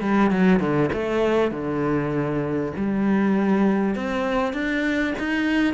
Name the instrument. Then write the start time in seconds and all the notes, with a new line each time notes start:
cello
0.00 G3
0.30 F#3
0.59 D3
0.92 A3
1.51 D3
2.76 G3
3.94 C4
4.53 D4
5.18 D#4